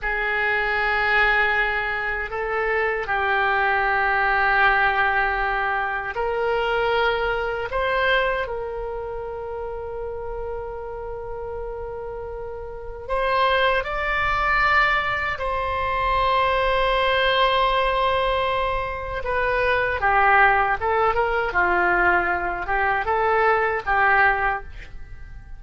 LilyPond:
\new Staff \with { instrumentName = "oboe" } { \time 4/4 \tempo 4 = 78 gis'2. a'4 | g'1 | ais'2 c''4 ais'4~ | ais'1~ |
ais'4 c''4 d''2 | c''1~ | c''4 b'4 g'4 a'8 ais'8 | f'4. g'8 a'4 g'4 | }